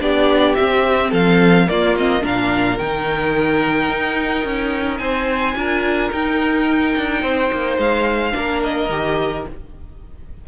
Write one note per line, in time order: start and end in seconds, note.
0.00 0.56 B3
0.00 0.56 D4
0.00 1.10 G4
0.00 0.55 D5
0.55 1.68 C4
0.55 1.12 C4
0.55 1.10 E5
1.10 1.68 F3
1.10 1.66 A4
1.10 1.69 F5
1.68 1.96 A#3
1.68 2.24 A#3
1.68 2.23 F4
1.68 1.96 D5
1.97 2.21 C4
1.97 2.25 D#5
2.21 2.78 A#2
2.21 2.77 D4
2.21 5.00 A#4
2.21 2.78 F5
2.78 3.89 D#3
2.78 5.57 D#4
2.78 4.98 G5
3.89 4.45 D#4
4.45 5.00 C#4
4.98 5.55 C4
4.98 5.56 C5
4.98 6.09 G#5
5.55 6.11 D4
5.55 6.11 F4
5.55 7.22 A#4
6.11 8.32 D#4
6.11 6.96 D#4
6.11 7.79 G5
6.97 7.23 D4
7.22 7.51 C4
7.22 8.33 C5
7.52 7.78 A#3
7.78 8.34 G#3
7.78 8.63 F5
8.32 8.89 A#3
8.32 8.88 D4
8.32 9.48 A#4
8.63 9.47 D#5
8.89 9.45 D#3
8.89 9.47 G4